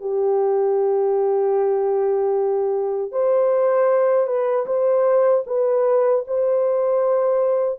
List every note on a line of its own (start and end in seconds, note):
0.00 3.12 G4
3.12 4.26 C5
4.26 4.65 B4
4.66 5.44 C5
5.46 6.24 B4
6.27 7.79 C5